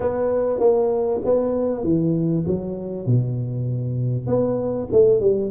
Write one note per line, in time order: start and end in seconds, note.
0.00 0.59 B3
0.59 1.20 A#3
1.24 1.83 B3
1.83 2.44 E3
2.46 3.06 F#3
3.06 4.27 B2
4.27 4.88 B3
4.91 5.20 A3
5.20 5.50 G3